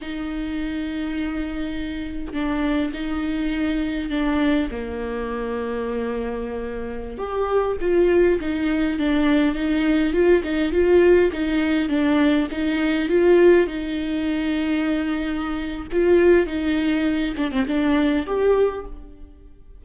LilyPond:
\new Staff \with { instrumentName = "viola" } { \time 4/4 \tempo 4 = 102 dis'1 | d'4 dis'2 d'4 | ais1~ | ais16 g'4 f'4 dis'4 d'8.~ |
d'16 dis'4 f'8 dis'8 f'4 dis'8.~ | dis'16 d'4 dis'4 f'4 dis'8.~ | dis'2. f'4 | dis'4. d'16 c'16 d'4 g'4 | }